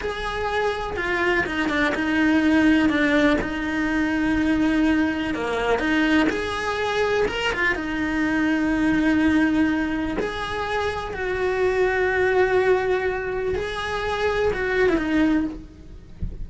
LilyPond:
\new Staff \with { instrumentName = "cello" } { \time 4/4 \tempo 4 = 124 gis'2 f'4 dis'8 d'8 | dis'2 d'4 dis'4~ | dis'2. ais4 | dis'4 gis'2 ais'8 f'8 |
dis'1~ | dis'4 gis'2 fis'4~ | fis'1 | gis'2 fis'8. e'16 dis'4 | }